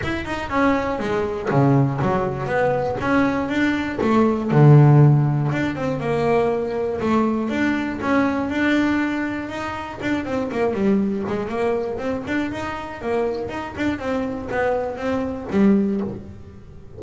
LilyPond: \new Staff \with { instrumentName = "double bass" } { \time 4/4 \tempo 4 = 120 e'8 dis'8 cis'4 gis4 cis4 | fis4 b4 cis'4 d'4 | a4 d2 d'8 c'8 | ais2 a4 d'4 |
cis'4 d'2 dis'4 | d'8 c'8 ais8 g4 gis8 ais4 | c'8 d'8 dis'4 ais4 dis'8 d'8 | c'4 b4 c'4 g4 | }